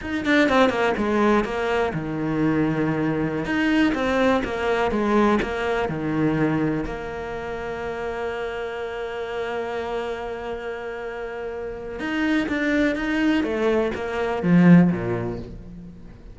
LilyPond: \new Staff \with { instrumentName = "cello" } { \time 4/4 \tempo 4 = 125 dis'8 d'8 c'8 ais8 gis4 ais4 | dis2.~ dis16 dis'8.~ | dis'16 c'4 ais4 gis4 ais8.~ | ais16 dis2 ais4.~ ais16~ |
ais1~ | ais1~ | ais4 dis'4 d'4 dis'4 | a4 ais4 f4 ais,4 | }